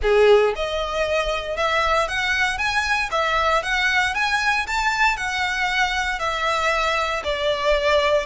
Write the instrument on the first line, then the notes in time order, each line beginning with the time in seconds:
violin
0.02 G#4
0.55 D#5
1.56 E5
2.08 F#5
2.57 G#5
3.11 E5
3.63 F#5
4.14 G#5
4.66 A5
5.16 F#5
6.19 E5
7.24 D5